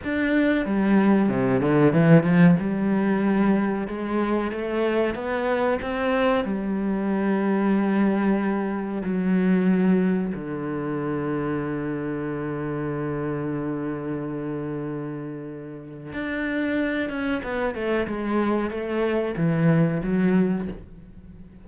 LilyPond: \new Staff \with { instrumentName = "cello" } { \time 4/4 \tempo 4 = 93 d'4 g4 c8 d8 e8 f8 | g2 gis4 a4 | b4 c'4 g2~ | g2 fis2 |
d1~ | d1~ | d4 d'4. cis'8 b8 a8 | gis4 a4 e4 fis4 | }